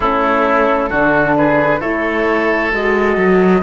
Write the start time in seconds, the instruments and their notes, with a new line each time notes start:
0.00 cello A3, horn C#4, oboe E4, flute A4
0.89 cello D3, horn D4, oboe F#4
1.37 oboe G#4, flute B4
1.80 cello A3, horn E4, oboe A4, flute C#5
2.71 cello G#3, horn F#4, flute D#5
3.16 cello F#3